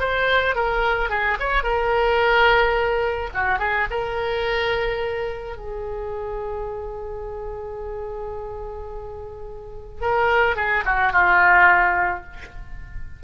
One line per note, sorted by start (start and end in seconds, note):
0.00 0.55 C5
0.55 1.10 A#4
1.10 1.38 G#4
1.40 1.63 C#5
1.63 3.30 A#4
3.34 3.59 F#4
3.59 3.87 G#4
3.91 5.57 A#4
5.57 10.02 G#4
10.02 10.56 A#4
10.56 10.84 G#4
10.86 11.13 F#4
11.13 12.24 F4